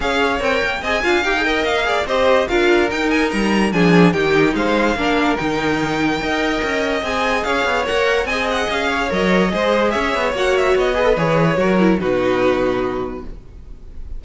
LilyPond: <<
  \new Staff \with { instrumentName = "violin" } { \time 4/4 \tempo 4 = 145 f''4 g''4 gis''4 g''4 | f''4 dis''4 f''4 g''8 gis''8 | ais''4 gis''4 g''4 f''4~ | f''4 g''2.~ |
g''4 gis''4 f''4 fis''4 | gis''8 fis''8 f''4 dis''2 | e''4 fis''8 e''8 dis''4 cis''4~ | cis''4 b'2. | }
  \new Staff \with { instrumentName = "violin" } { \time 4/4 cis''2 dis''8 f''4 dis''8~ | dis''8 d''8 c''4 ais'2~ | ais'4 gis'4 g'4 c''4 | ais'2. dis''4~ |
dis''2 cis''2 | dis''4. cis''4. c''4 | cis''2~ cis''8 b'4. | ais'4 fis'2. | }
  \new Staff \with { instrumentName = "viola" } { \time 4/4 gis'4 ais'4 gis'8 f'8 g'16 gis'16 ais'8~ | ais'8 gis'8 g'4 f'4 dis'4~ | dis'4 d'4 dis'2 | d'4 dis'2 ais'4~ |
ais'4 gis'2 ais'4 | gis'2 ais'4 gis'4~ | gis'4 fis'4. gis'16 a'16 gis'4 | fis'8 e'8 dis'2. | }
  \new Staff \with { instrumentName = "cello" } { \time 4/4 cis'4 c'8 ais8 c'8 d'8 dis'4 | ais4 c'4 d'4 dis'4 | g4 f4 dis4 gis4 | ais4 dis2 dis'4 |
cis'4 c'4 cis'8 b8 ais4 | c'4 cis'4 fis4 gis4 | cis'8 b8 ais4 b4 e4 | fis4 b,2. | }
>>